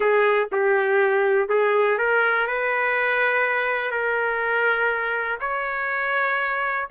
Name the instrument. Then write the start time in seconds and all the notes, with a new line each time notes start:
trumpet
0.00 G#4
0.51 G4
1.48 G#4
1.98 A#4
2.47 B4
3.91 A#4
5.40 C#5